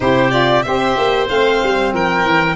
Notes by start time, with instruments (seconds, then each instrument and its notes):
0.00 tuba C3, saxophone E4, oboe G4, violin C5
0.30 saxophone F4, violin D5
0.62 tuba C4, saxophone G4, oboe C5, violin E5
0.97 tuba A#3
1.27 tuba A3, saxophone C4, violin F5
1.62 tuba G3
1.93 tuba F3, oboe A#4, violin G5
2.24 tuba E3